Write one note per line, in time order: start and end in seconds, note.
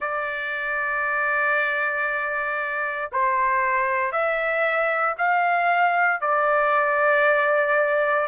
0.00 3.10 D5
3.12 4.11 C5
4.11 5.15 E5
5.17 6.20 F5
6.20 8.27 D5